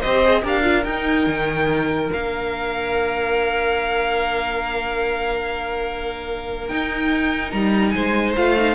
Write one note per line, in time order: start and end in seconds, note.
0.00 0.44 C4
0.00 0.25 G4
0.00 0.42 C5
0.00 0.42 D#5
0.25 0.43 G#4
0.43 0.85 D4
0.43 0.63 G4
0.43 7.93 A#4
0.43 0.84 F5
0.63 0.84 F4
0.84 1.26 D#4
0.84 2.12 D#4
0.84 2.09 G5
1.26 2.10 D#3
2.12 6.70 A#3
2.12 6.70 D4
2.12 6.68 F5
6.68 8.36 D#4
6.68 7.53 D#4
6.68 7.51 G5
7.51 7.94 G3
7.51 7.90 A#5
7.90 8.36 G#3
7.90 8.75 C5
7.90 8.32 G#5
8.36 8.75 A3
8.36 8.57 F4
8.36 8.75 F5
8.57 8.75 D#4